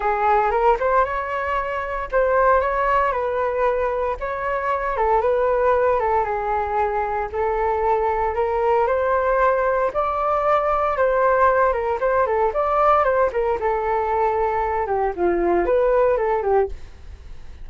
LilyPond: \new Staff \with { instrumentName = "flute" } { \time 4/4 \tempo 4 = 115 gis'4 ais'8 c''8 cis''2 | c''4 cis''4 b'2 | cis''4. a'8 b'4. a'8 | gis'2 a'2 |
ais'4 c''2 d''4~ | d''4 c''4. ais'8 c''8 a'8 | d''4 c''8 ais'8 a'2~ | a'8 g'8 f'4 b'4 a'8 g'8 | }